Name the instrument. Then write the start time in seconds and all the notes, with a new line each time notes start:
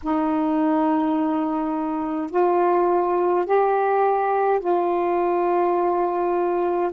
saxophone
0.02 D#4
2.30 F4
3.46 G4
4.59 F4